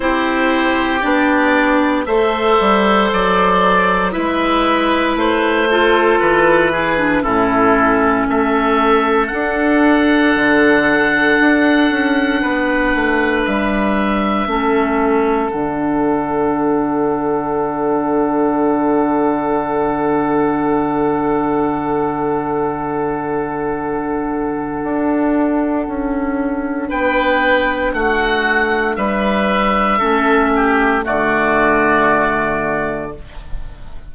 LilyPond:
<<
  \new Staff \with { instrumentName = "oboe" } { \time 4/4 \tempo 4 = 58 c''4 d''4 e''4 d''4 | e''4 c''4 b'4 a'4 | e''4 fis''2.~ | fis''4 e''2 fis''4~ |
fis''1~ | fis''1~ | fis''2 g''4 fis''4 | e''2 d''2 | }
  \new Staff \with { instrumentName = "oboe" } { \time 4/4 g'2 c''2 | b'4. a'4 gis'8 e'4 | a'1 | b'2 a'2~ |
a'1~ | a'1~ | a'2 b'4 fis'4 | b'4 a'8 g'8 fis'2 | }
  \new Staff \with { instrumentName = "clarinet" } { \time 4/4 e'4 d'4 a'2 | e'4. f'4 e'16 d'16 cis'4~ | cis'4 d'2.~ | d'2 cis'4 d'4~ |
d'1~ | d'1~ | d'1~ | d'4 cis'4 a2 | }
  \new Staff \with { instrumentName = "bassoon" } { \time 4/4 c'4 b4 a8 g8 fis4 | gis4 a4 e4 a,4 | a4 d'4 d4 d'8 cis'8 | b8 a8 g4 a4 d4~ |
d1~ | d1 | d'4 cis'4 b4 a4 | g4 a4 d2 | }
>>